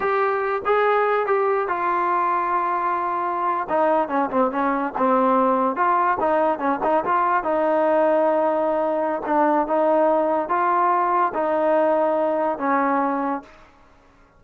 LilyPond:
\new Staff \with { instrumentName = "trombone" } { \time 4/4 \tempo 4 = 143 g'4. gis'4. g'4 | f'1~ | f'8. dis'4 cis'8 c'8 cis'4 c'16~ | c'4.~ c'16 f'4 dis'4 cis'16~ |
cis'16 dis'8 f'4 dis'2~ dis'16~ | dis'2 d'4 dis'4~ | dis'4 f'2 dis'4~ | dis'2 cis'2 | }